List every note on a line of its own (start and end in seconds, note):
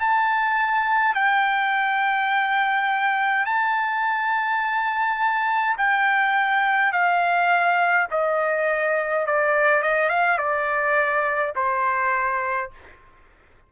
0.00 1.15 A5
1.15 3.46 G5
3.46 5.76 A5
5.78 6.92 G5
6.92 8.08 F5
8.11 9.26 D#5
9.27 9.82 D5
9.82 10.09 D#5
10.09 10.38 F5
10.38 11.53 D5
11.55 12.71 C5